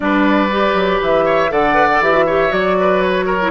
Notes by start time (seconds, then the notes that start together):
0.00 G3 D4 B4 D5
0.51 G4
0.74 F#3
1.01 E3 E5
1.25 C#5
1.49 D3 A4 D5 F#5
1.74 B4
1.91 A4
2.00 E3 G4 E5
2.12 F#4
2.26 G4 C#5
2.49 F#3 F#4 D5
2.80 B4
3.01 C#5
3.25 A#4
3.41 E4